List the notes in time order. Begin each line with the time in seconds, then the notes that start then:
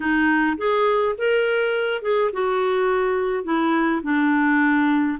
0.00 D#4
0.57 G#4
1.18 A#4
2.02 G#4
2.32 F#4
3.44 E4
4.03 D4